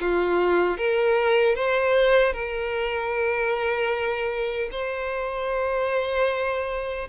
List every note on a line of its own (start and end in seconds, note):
0.00 0.78 F4
0.78 1.55 A#4
1.55 2.33 C5
2.33 4.69 A#4
4.72 7.08 C5